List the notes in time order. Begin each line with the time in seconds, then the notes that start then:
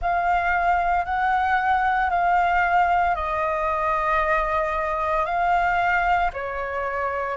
0.01 F5
1.05 F#5
2.10 F5
3.15 D#5
5.25 F5
6.33 C#5